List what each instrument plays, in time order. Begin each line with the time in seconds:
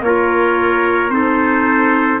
0.00 tuba A#3, clarinet F4, trumpet A#4 C#5
1.09 tuba C4, clarinet D#4, trumpet A4 C5